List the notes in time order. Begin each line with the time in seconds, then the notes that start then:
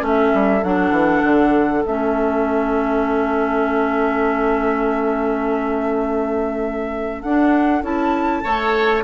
0.00 A3 C#4 A4
0.07 E5
0.34 G3
0.64 F#3 D4 F#5
0.91 E3
1.24 D3
1.86 A3 C#4 E5
7.23 D4 F#5
7.83 C#4 E4 A5
8.44 A3 A4 C#5